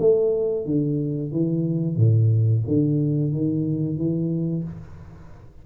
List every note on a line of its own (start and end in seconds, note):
0.00 0.66 A3
0.66 1.32 D3
1.32 1.97 E3
1.97 2.64 A2
2.68 3.33 D3
3.33 3.98 D#3
3.98 4.64 E3